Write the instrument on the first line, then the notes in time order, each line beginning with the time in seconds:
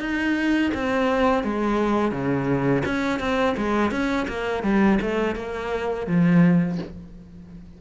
cello
0.00 D#4
0.74 C4
1.44 G#3
2.11 C#3
2.85 C#4
3.19 C4
3.57 G#3
3.91 C#4
4.28 A#3
4.63 G3
5.02 A3
5.35 A#3
6.06 F3